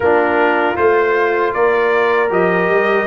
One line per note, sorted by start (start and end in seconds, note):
0.00 0.76 A#3
0.00 0.75 D4
0.00 1.54 F4
0.00 0.76 A#4
0.75 1.54 A3
0.75 2.29 F4
0.75 1.53 C5
1.53 2.30 A#3
1.53 3.07 A#4
1.53 2.30 D5
2.29 2.68 F3
2.29 3.06 G4
2.29 3.07 D#5
2.68 3.07 G3